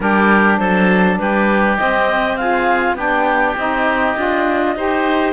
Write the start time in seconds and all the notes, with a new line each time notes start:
0.00 G3 D4 G4 A#4
0.58 F#3 A4 C5
1.18 G3 G4 B4
1.77 C4 D#5
2.36 F4 G#4 F5
2.95 B3 D4 G4 G5
3.56 C4 D#4 D#5
4.16 D4 F4
4.75 D#4 G4 C5